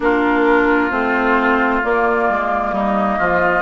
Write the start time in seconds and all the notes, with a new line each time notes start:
0.00 A#3 D4 F4 A#4
0.91 A3 C4 C5
1.82 A#3 D5
2.29 G#3
2.72 G3 D#4 D#5
3.18 F3 F4